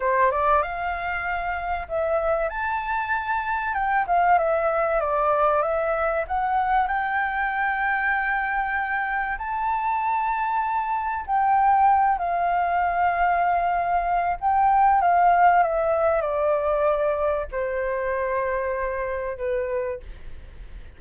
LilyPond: \new Staff \with { instrumentName = "flute" } { \time 4/4 \tempo 4 = 96 c''8 d''8 f''2 e''4 | a''2 g''8 f''8 e''4 | d''4 e''4 fis''4 g''4~ | g''2. a''4~ |
a''2 g''4. f''8~ | f''2. g''4 | f''4 e''4 d''2 | c''2. b'4 | }